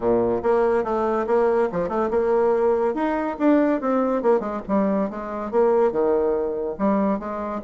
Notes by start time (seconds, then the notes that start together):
0.00 A#2
0.42 A#3
0.83 A3
1.26 A#3
1.72 F3
1.88 A3
2.10 A#3
2.94 D#4
3.39 D4
3.80 C4
4.22 A#3
4.40 G#3
4.68 G3
5.10 G#3
5.51 A#3
5.91 D#3
6.78 G3
7.19 G#3